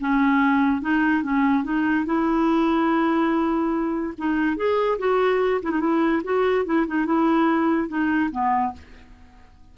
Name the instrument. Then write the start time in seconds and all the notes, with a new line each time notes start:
clarinet
0.00 C#4
0.81 D#4
1.23 C#4
1.64 D#4
2.05 E4
4.17 D#4
4.56 G#4
4.98 F#4
5.62 E4
5.71 D#4
5.80 E4
6.24 F#4
6.65 E4
6.87 D#4
7.06 E4
7.88 D#4
8.31 B3